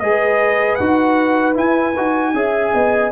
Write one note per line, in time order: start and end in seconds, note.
0.00 0.80 G#3
0.00 0.80 G#4
0.00 2.35 B4
0.00 0.75 D#5
0.75 1.57 D#4
0.75 1.54 F#4
0.75 1.53 F#5
1.54 1.93 E4
1.54 1.96 E4
1.54 3.12 G#5
1.97 2.34 D#4
1.97 2.35 F#4
2.34 2.73 C#4
2.34 3.12 G#4
2.34 2.74 E5
2.74 3.12 B3
2.74 3.12 D#5